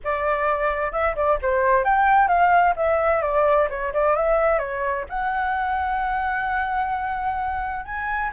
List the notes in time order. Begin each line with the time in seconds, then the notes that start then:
0.03 D5
0.92 E5
1.15 D5
1.42 C5
1.84 G5
2.28 F5
2.76 E5
3.22 D5
3.69 C#5
3.93 D5
4.16 E5
4.58 C#5
5.09 F#5
7.85 G#5